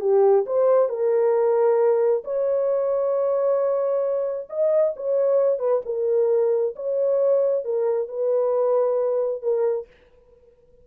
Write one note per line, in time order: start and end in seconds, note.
0.00 0.45 G4
0.46 0.89 C5
0.89 2.23 A#4
2.24 4.48 C#5
4.49 4.94 D#5
4.96 5.58 C#5
5.58 5.81 B4
5.85 6.75 A#4
6.76 7.64 C#5
7.64 8.08 A#4
8.08 9.42 B4
9.42 9.87 A#4